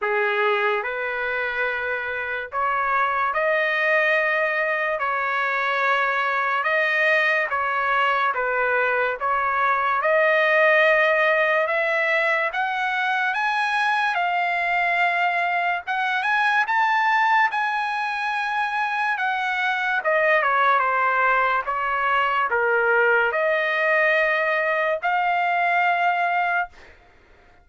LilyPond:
\new Staff \with { instrumentName = "trumpet" } { \time 4/4 \tempo 4 = 72 gis'4 b'2 cis''4 | dis''2 cis''2 | dis''4 cis''4 b'4 cis''4 | dis''2 e''4 fis''4 |
gis''4 f''2 fis''8 gis''8 | a''4 gis''2 fis''4 | dis''8 cis''8 c''4 cis''4 ais'4 | dis''2 f''2 | }